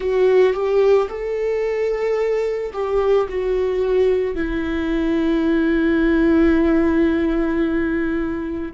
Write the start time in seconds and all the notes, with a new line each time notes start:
0.00 F#4
0.53 G4
1.08 A4
2.73 G4
3.28 F#4
4.35 E4